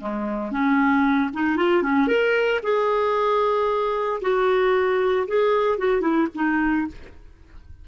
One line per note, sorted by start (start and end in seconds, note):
0.00 0.51 G#3
0.51 1.30 C#4
1.33 1.56 D#4
1.56 1.82 F4
1.82 2.07 C#4
2.07 2.60 A#4
2.63 4.21 G#4
4.21 5.27 F#4
5.27 5.78 G#4
5.78 6.01 F#4
6.01 6.27 E4
6.35 6.87 D#4